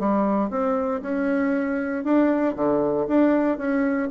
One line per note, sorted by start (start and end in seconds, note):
0.00 0.50 G3
0.50 1.02 C4
1.02 2.04 C#4
2.04 2.56 D4
2.56 3.07 D3
3.08 3.58 D4
3.58 4.09 C#4